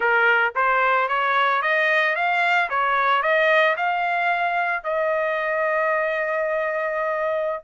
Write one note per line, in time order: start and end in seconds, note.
0.00 0.53 A#4
0.55 1.08 C5
1.08 1.61 C#5
1.61 2.15 D#5
2.15 2.69 F5
2.69 3.22 C#5
3.22 3.75 D#5
3.76 4.83 F5
4.83 7.63 D#5